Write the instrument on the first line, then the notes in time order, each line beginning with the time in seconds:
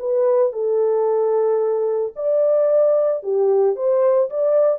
horn
0.00 B4
0.53 A4
2.16 D5
3.23 G4
3.76 C5
4.30 D5